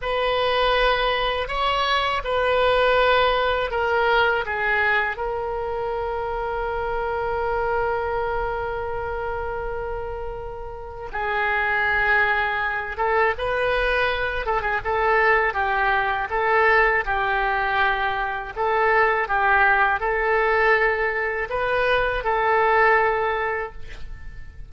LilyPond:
\new Staff \with { instrumentName = "oboe" } { \time 4/4 \tempo 4 = 81 b'2 cis''4 b'4~ | b'4 ais'4 gis'4 ais'4~ | ais'1~ | ais'2. gis'4~ |
gis'4. a'8 b'4. a'16 gis'16 | a'4 g'4 a'4 g'4~ | g'4 a'4 g'4 a'4~ | a'4 b'4 a'2 | }